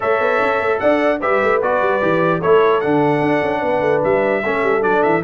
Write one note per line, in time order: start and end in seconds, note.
0.00 0.20 A3
0.00 1.18 A4
0.00 0.80 C#5
0.00 0.79 E5
0.20 0.40 B3
0.41 0.60 C#4
0.60 0.81 A3
0.79 1.22 D4
0.79 1.20 D5
0.79 1.19 F#5
1.20 1.42 G3
1.20 1.61 G4
1.20 2.39 B4
1.20 1.61 E5
1.42 1.61 A3
1.61 1.80 B3
1.61 2.01 F#4
1.61 2.41 D5
1.80 2.00 G3
2.01 2.42 E3
2.01 2.41 G4
2.39 2.84 A3
2.39 2.82 E4
2.39 3.60 A4
2.39 2.80 C#5
2.80 3.21 D3
2.80 4.43 D4
2.80 4.01 F#5
3.21 3.41 D4
3.42 3.62 C#4
3.61 3.80 B3
3.61 4.42 B4
3.80 4.01 A3
4.03 4.44 G3
4.03 4.82 E5
4.43 4.62 A3
4.43 4.81 C#4
4.43 5.23 A4
4.62 4.82 G3
4.81 5.03 F#3
4.81 5.21 D4
4.81 5.02 D5
5.02 5.23 E3
5.02 5.22 E5